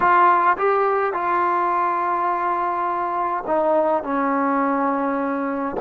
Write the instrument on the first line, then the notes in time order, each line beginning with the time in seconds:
trombone
0.00 F4
0.57 G4
1.13 F4
3.46 D#4
4.03 C#4